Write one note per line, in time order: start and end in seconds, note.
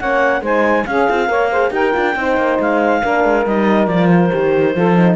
0.00 0.41 A#3
0.00 0.43 C#4
0.00 0.43 C#5
0.00 0.43 F#5
0.41 0.85 G#3
0.41 0.86 D#4
0.41 0.87 C5
0.41 0.86 G#5
0.86 1.09 C#4
0.86 1.29 G#4
0.86 1.73 F5
1.09 1.30 C4
1.09 1.28 F4
1.28 1.71 A#3
1.28 1.49 A#4
1.28 1.51 C#5
1.51 1.71 G#4
1.51 1.73 C5
1.71 1.93 D#4
1.71 1.92 G4
1.71 2.17 A#4
1.71 2.59 G5
1.93 2.16 D4
1.93 2.14 F4
2.16 2.37 C4
2.16 3.03 D#4
2.16 3.03 C5
2.38 2.59 A#3
2.60 3.03 G#3
2.60 3.47 F5
3.03 3.25 A#3
3.03 3.46 D4
3.03 4.76 A#4
3.25 3.46 G#3
3.46 3.87 G3
3.46 3.91 D#4
3.46 3.87 D#5
3.87 4.31 F3
3.87 4.31 F4
3.87 4.09 D5
4.09 5.17 C5
4.31 4.76 D#3
4.31 4.74 G4
4.76 5.17 F3
4.76 4.97 F4
4.76 5.17 A4
4.97 5.17 D#4